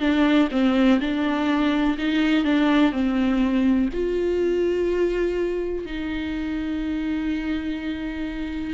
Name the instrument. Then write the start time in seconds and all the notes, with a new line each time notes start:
viola
0.00 D4
0.51 C4
1.00 D4
1.98 D#4
2.44 D4
2.92 C4
3.93 F4
5.85 D#4